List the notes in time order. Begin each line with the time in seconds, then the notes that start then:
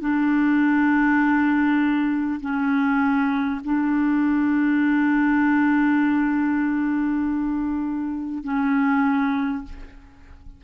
0.00 D4
2.41 C#4
3.64 D4
8.44 C#4